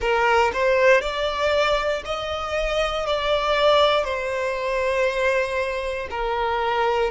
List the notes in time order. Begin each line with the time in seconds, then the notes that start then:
0.00 A#4
0.53 C5
1.01 D5
2.05 D#5
3.06 D5
4.04 C5
6.10 A#4